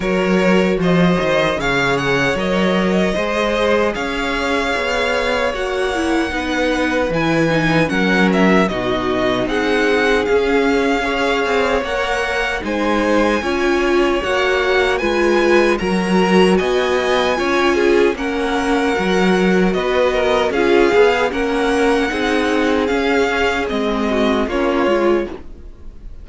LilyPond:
<<
  \new Staff \with { instrumentName = "violin" } { \time 4/4 \tempo 4 = 76 cis''4 dis''4 f''8 fis''8 dis''4~ | dis''4 f''2 fis''4~ | fis''4 gis''4 fis''8 e''8 dis''4 | fis''4 f''2 fis''4 |
gis''2 fis''4 gis''4 | ais''4 gis''2 fis''4~ | fis''4 dis''4 f''4 fis''4~ | fis''4 f''4 dis''4 cis''4 | }
  \new Staff \with { instrumentName = "violin" } { \time 4/4 ais'4 c''4 cis''2 | c''4 cis''2. | b'2 ais'4 fis'4 | gis'2 cis''2 |
c''4 cis''2 b'4 | ais'4 dis''4 cis''8 gis'8 ais'4~ | ais'4 b'8 ais'8 gis'4 ais'4 | gis'2~ gis'8 fis'8 f'4 | }
  \new Staff \with { instrumentName = "viola" } { \time 4/4 fis'2 gis'4 ais'4 | gis'2. fis'8 e'8 | dis'4 e'8 dis'8 cis'4 dis'4~ | dis'4 cis'4 gis'4 ais'4 |
dis'4 f'4 fis'4 f'4 | fis'2 f'4 cis'4 | fis'2 f'8 gis'8 cis'4 | dis'4 cis'4 c'4 cis'8 f'8 | }
  \new Staff \with { instrumentName = "cello" } { \time 4/4 fis4 f8 dis8 cis4 fis4 | gis4 cis'4 b4 ais4 | b4 e4 fis4 b,4 | c'4 cis'4. c'8 ais4 |
gis4 cis'4 ais4 gis4 | fis4 b4 cis'4 ais4 | fis4 b4 cis'8 b8 ais4 | c'4 cis'4 gis4 ais8 gis8 | }
>>